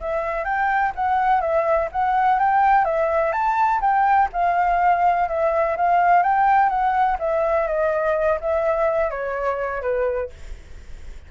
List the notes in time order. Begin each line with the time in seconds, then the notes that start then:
0.00 E5
0.44 G5
0.95 F#5
1.41 E5
1.92 F#5
2.39 G5
2.85 E5
3.32 A5
3.80 G5
4.32 F5
5.28 E5
5.76 F5
6.22 G5
6.69 F#5
7.19 E5
7.67 D#5
8.40 E5
9.10 C#5
9.81 B4